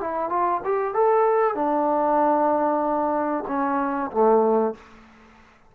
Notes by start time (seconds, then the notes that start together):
0.00 E4
0.29 F4
0.64 G4
0.94 A4
1.54 D4
3.47 C#4
4.11 A3